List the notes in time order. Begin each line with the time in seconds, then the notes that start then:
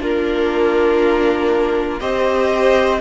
0.00 A#3 D4 F4 A#4
2.00 C4 G4 C5 D#5